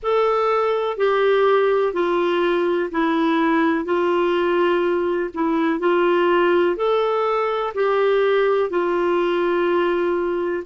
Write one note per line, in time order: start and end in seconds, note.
0.03 0.97 A4
0.97 1.93 G4
1.93 2.89 F4
2.91 3.84 E4
3.84 5.30 F4
5.34 5.79 E4
5.79 6.76 F4
6.76 7.73 A4
7.74 8.70 G4
8.70 10.63 F4